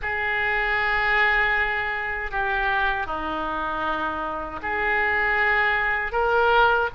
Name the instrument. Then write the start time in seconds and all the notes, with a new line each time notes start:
oboe
0.02 G#4
2.31 G4
3.06 D#4
4.62 G#4
6.12 A#4